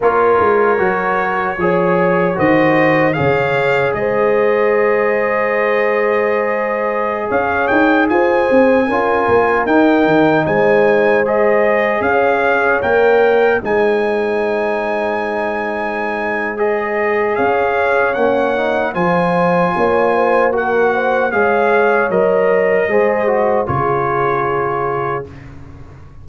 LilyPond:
<<
  \new Staff \with { instrumentName = "trumpet" } { \time 4/4 \tempo 4 = 76 cis''2. dis''4 | f''4 dis''2.~ | dis''4~ dis''16 f''8 g''8 gis''4.~ gis''16~ | gis''16 g''4 gis''4 dis''4 f''8.~ |
f''16 g''4 gis''2~ gis''8.~ | gis''4 dis''4 f''4 fis''4 | gis''2 fis''4 f''4 | dis''2 cis''2 | }
  \new Staff \with { instrumentName = "horn" } { \time 4/4 ais'2 cis''4 c''4 | cis''4 c''2.~ | c''4~ c''16 cis''4 c''4 ais'8.~ | ais'4~ ais'16 c''2 cis''8.~ |
cis''4~ cis''16 c''2~ c''8.~ | c''2 cis''2 | c''4 cis''8 c''8 ais'8 c''8 cis''4~ | cis''4 c''4 gis'2 | }
  \new Staff \with { instrumentName = "trombone" } { \time 4/4 f'4 fis'4 gis'4 fis'4 | gis'1~ | gis'2.~ gis'16 f'8.~ | f'16 dis'2 gis'4.~ gis'16~ |
gis'16 ais'4 dis'2~ dis'8.~ | dis'4 gis'2 cis'8 dis'8 | f'2 fis'4 gis'4 | ais'4 gis'8 fis'8 f'2 | }
  \new Staff \with { instrumentName = "tuba" } { \time 4/4 ais8 gis8 fis4 f4 dis4 | cis4 gis2.~ | gis4~ gis16 cis'8 dis'8 f'8 c'8 cis'8 ais16~ | ais16 dis'8 dis8 gis2 cis'8.~ |
cis'16 ais4 gis2~ gis8.~ | gis2 cis'4 ais4 | f4 ais2 gis4 | fis4 gis4 cis2 | }
>>